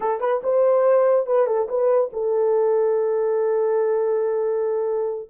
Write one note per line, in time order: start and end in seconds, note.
0.00 0.20 A4
0.20 0.41 B4
0.43 1.26 C5
1.26 1.46 B4
1.46 1.67 A4
1.68 2.10 B4
2.12 5.29 A4